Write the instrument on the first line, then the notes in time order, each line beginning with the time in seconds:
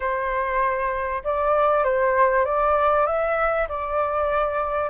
flute
0.00 C5
1.24 D5
1.84 C5
2.45 D5
3.06 E5
3.68 D5